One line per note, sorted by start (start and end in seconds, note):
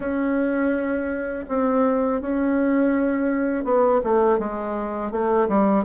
0.00 1.45 C#4
1.48 2.21 C4
2.21 3.64 C#4
3.64 4.00 B3
4.03 4.39 A3
4.39 5.11 G#3
5.11 5.48 A3
5.48 5.84 G3